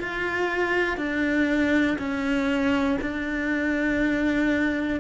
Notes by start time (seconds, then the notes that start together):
0.00 F4
0.97 D4
1.99 C#4
3.01 D4